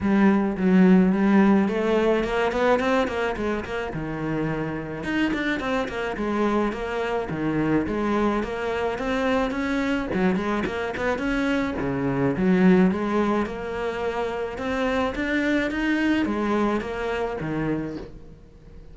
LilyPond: \new Staff \with { instrumentName = "cello" } { \time 4/4 \tempo 4 = 107 g4 fis4 g4 a4 | ais8 b8 c'8 ais8 gis8 ais8 dis4~ | dis4 dis'8 d'8 c'8 ais8 gis4 | ais4 dis4 gis4 ais4 |
c'4 cis'4 fis8 gis8 ais8 b8 | cis'4 cis4 fis4 gis4 | ais2 c'4 d'4 | dis'4 gis4 ais4 dis4 | }